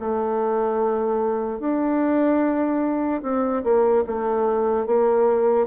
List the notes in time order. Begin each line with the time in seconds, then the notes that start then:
0.00 A3
1.60 D4
3.23 C4
3.64 A#3
4.07 A3
4.86 A#3